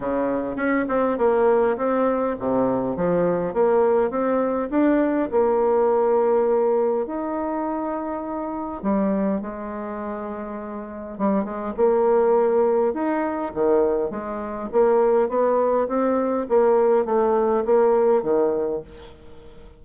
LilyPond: \new Staff \with { instrumentName = "bassoon" } { \time 4/4 \tempo 4 = 102 cis4 cis'8 c'8 ais4 c'4 | c4 f4 ais4 c'4 | d'4 ais2. | dis'2. g4 |
gis2. g8 gis8 | ais2 dis'4 dis4 | gis4 ais4 b4 c'4 | ais4 a4 ais4 dis4 | }